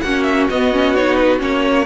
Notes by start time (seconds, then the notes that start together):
0.00 A#3 C#4 F#4 F#5
0.22 E5
0.49 B3 D#5
0.72 C#4
0.95 D#4 C#5
1.15 B4
1.38 A#3 C#4 C#5